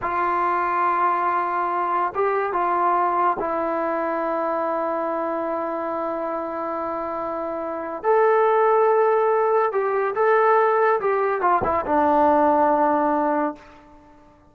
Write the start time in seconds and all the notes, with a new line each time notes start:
0.01 F4
2.14 G4
2.52 F4
3.39 E4
8.03 A4
9.72 G4
10.15 A4
11.00 G4
11.41 F4
11.64 E4
11.86 D4